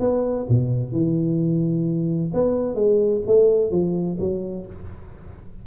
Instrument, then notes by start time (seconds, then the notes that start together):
tuba
0.00 B3
0.49 B2
0.92 E3
2.34 B3
2.75 G#3
3.27 A3
3.71 F3
4.20 F#3